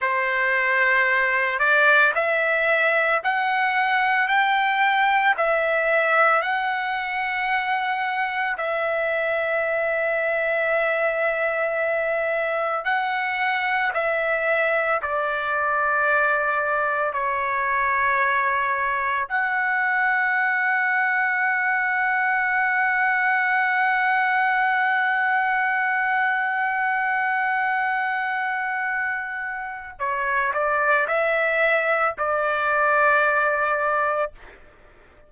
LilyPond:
\new Staff \with { instrumentName = "trumpet" } { \time 4/4 \tempo 4 = 56 c''4. d''8 e''4 fis''4 | g''4 e''4 fis''2 | e''1 | fis''4 e''4 d''2 |
cis''2 fis''2~ | fis''1~ | fis''1 | cis''8 d''8 e''4 d''2 | }